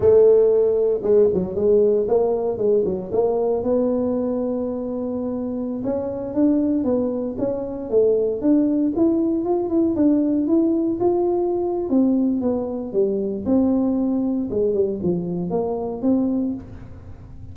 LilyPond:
\new Staff \with { instrumentName = "tuba" } { \time 4/4 \tempo 4 = 116 a2 gis8 fis8 gis4 | ais4 gis8 fis8 ais4 b4~ | b2.~ b16 cis'8.~ | cis'16 d'4 b4 cis'4 a8.~ |
a16 d'4 e'4 f'8 e'8 d'8.~ | d'16 e'4 f'4.~ f'16 c'4 | b4 g4 c'2 | gis8 g8 f4 ais4 c'4 | }